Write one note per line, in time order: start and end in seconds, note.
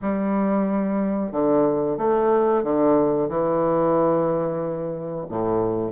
0.01 1.32 G3
1.32 1.97 D3
1.97 2.63 A3
2.63 3.28 D3
3.28 5.26 E3
5.29 5.92 A2